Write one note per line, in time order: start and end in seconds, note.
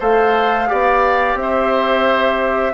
0.00 0.70 A3
0.00 0.68 A4
0.00 0.69 C5
0.00 1.38 F5
0.68 1.35 B3
0.68 2.73 G4
0.68 1.38 D5
1.35 2.73 C4
1.35 2.73 E5
1.42 2.73 C5